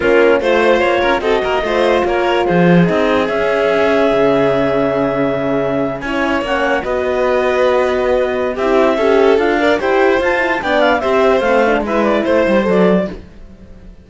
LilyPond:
<<
  \new Staff \with { instrumentName = "clarinet" } { \time 4/4 \tempo 4 = 147 ais'4 c''4 cis''4 dis''4~ | dis''4 cis''4 c''4 dis''4 | e''1~ | e''2~ e''8. gis''4 fis''16~ |
fis''8. dis''2.~ dis''16~ | dis''4 e''2 f''4 | g''4 a''4 g''8 f''8 e''4 | f''4 e''8 d''8 c''4 d''4 | }
  \new Staff \with { instrumentName = "violin" } { \time 4/4 f'4 c''4. ais'8 a'8 ais'8 | c''4 ais'4 gis'2~ | gis'1~ | gis'2~ gis'8. cis''4~ cis''16~ |
cis''8. b'2.~ b'16~ | b'4 g'4 a'4. d''8 | c''2 d''4 c''4~ | c''4 b'4 c''2 | }
  \new Staff \with { instrumentName = "horn" } { \time 4/4 cis'4 f'2 fis'4 | f'2. dis'4 | cis'1~ | cis'2~ cis'8. e'4 cis'16~ |
cis'8. fis'2.~ fis'16~ | fis'4 e'4 g'4 f'8 ais'8 | g'4 f'8 e'8 d'4 g'4 | c'8 d'8 e'2 a'4 | }
  \new Staff \with { instrumentName = "cello" } { \time 4/4 ais4 a4 ais8 cis'8 c'8 ais8 | a4 ais4 f4 c'4 | cis'2 cis2~ | cis2~ cis8. cis'4 ais16~ |
ais8. b2.~ b16~ | b4 c'4 cis'4 d'4 | e'4 f'4 b4 c'4 | a4 gis4 a8 g8 fis4 | }
>>